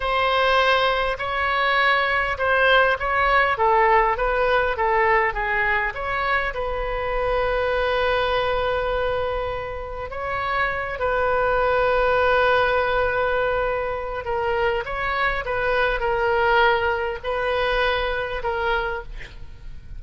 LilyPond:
\new Staff \with { instrumentName = "oboe" } { \time 4/4 \tempo 4 = 101 c''2 cis''2 | c''4 cis''4 a'4 b'4 | a'4 gis'4 cis''4 b'4~ | b'1~ |
b'4 cis''4. b'4.~ | b'1 | ais'4 cis''4 b'4 ais'4~ | ais'4 b'2 ais'4 | }